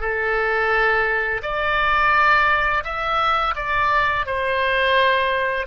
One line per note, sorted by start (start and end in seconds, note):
0.00 1.41 A4
1.42 2.84 D5
2.84 3.55 E5
3.56 4.26 D5
4.26 5.66 C5